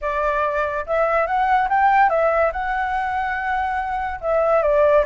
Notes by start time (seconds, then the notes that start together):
0.01 D5
0.86 E5
1.26 F#5
1.69 G5
2.09 E5
2.52 F#5
4.20 E5
4.62 D5